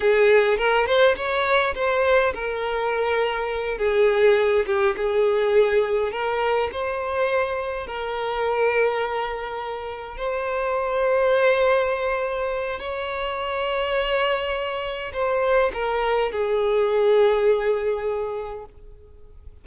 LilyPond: \new Staff \with { instrumentName = "violin" } { \time 4/4 \tempo 4 = 103 gis'4 ais'8 c''8 cis''4 c''4 | ais'2~ ais'8 gis'4. | g'8 gis'2 ais'4 c''8~ | c''4. ais'2~ ais'8~ |
ais'4. c''2~ c''8~ | c''2 cis''2~ | cis''2 c''4 ais'4 | gis'1 | }